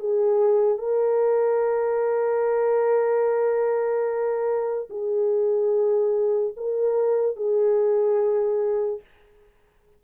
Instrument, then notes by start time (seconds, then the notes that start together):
horn
0.00 G#4
0.78 A#4
4.90 G#4
6.57 A#4
7.37 G#4